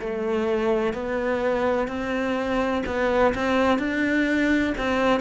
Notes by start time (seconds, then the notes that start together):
0.00 A3
0.94 B3
1.88 C4
2.87 B3
3.35 C4
3.79 D4
4.78 C4